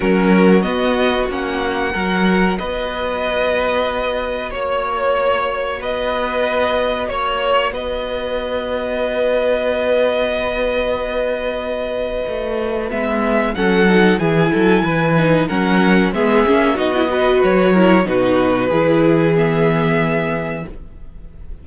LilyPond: <<
  \new Staff \with { instrumentName = "violin" } { \time 4/4 \tempo 4 = 93 ais'4 dis''4 fis''2 | dis''2. cis''4~ | cis''4 dis''2 cis''4 | dis''1~ |
dis''1 | e''4 fis''4 gis''2 | fis''4 e''4 dis''4 cis''4 | b'2 e''2 | }
  \new Staff \with { instrumentName = "violin" } { \time 4/4 fis'2. ais'4 | b'2. cis''4~ | cis''4 b'2 cis''4 | b'1~ |
b'1~ | b'4 a'4 gis'8 a'8 b'4 | ais'4 gis'4 fis'8 b'4 ais'8 | fis'4 gis'2. | }
  \new Staff \with { instrumentName = "viola" } { \time 4/4 cis'4 b4 cis'4 fis'4~ | fis'1~ | fis'1~ | fis'1~ |
fis'1 | b4 cis'8 dis'8 e'4. dis'8 | cis'4 b8 cis'8 dis'16 e'16 fis'4 e'8 | dis'4 e'4 b2 | }
  \new Staff \with { instrumentName = "cello" } { \time 4/4 fis4 b4 ais4 fis4 | b2. ais4~ | ais4 b2 ais4 | b1~ |
b2. a4 | gis4 fis4 e8 fis8 e4 | fis4 gis8 ais8 b4 fis4 | b,4 e2. | }
>>